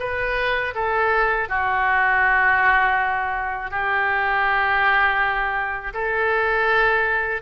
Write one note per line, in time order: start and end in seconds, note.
0.00 0.74 B4
0.75 1.49 A4
1.49 3.71 F#4
3.71 5.93 G4
5.94 7.42 A4